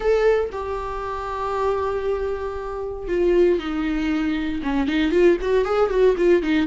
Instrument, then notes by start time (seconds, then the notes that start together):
viola
0.00 A4
0.52 G4
3.07 F4
3.59 D#4
4.62 C#4
4.87 D#4
5.11 F4
5.41 F#4
5.64 G#4
5.90 F#4
6.17 F4
6.42 D#4